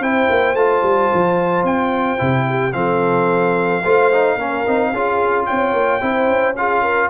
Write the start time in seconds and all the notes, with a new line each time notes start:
0.00 C4 E4 C5 G5
0.30 A#3
0.54 A3 F4 A5
0.83 G3
1.14 F3
1.64 C4 G5
2.18 C3 E4
2.49 G4
2.73 F3 C4 A4 F5
3.84 A3 F4 C5
4.13 D#4
4.36 A#3 C#4 A#4
4.67 C4 D#4
4.92 C#4 F4 G#4
5.46 C4 C#5 G5
5.74 A#3
6.01 C4 E4 C5
6.28 C#4
6.57 F4 G#4 F5
6.82 A#4